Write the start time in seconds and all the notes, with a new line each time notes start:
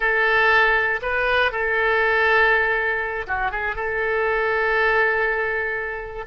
0.00 A4
1.02 B4
1.51 A4
3.27 F#4
3.51 G#4
3.75 A4